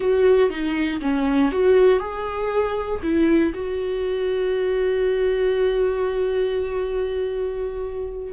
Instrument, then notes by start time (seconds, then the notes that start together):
viola
0.00 F#4
0.50 D#4
1.01 C#4
1.51 F#4
1.99 G#4
3.02 E4
3.54 F#4